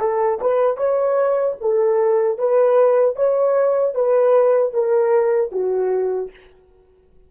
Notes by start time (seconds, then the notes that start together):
0.00 A4
0.41 B4
0.77 C#5
1.60 A4
2.38 B4
3.16 C#5
3.95 B4
4.73 A#4
5.52 F#4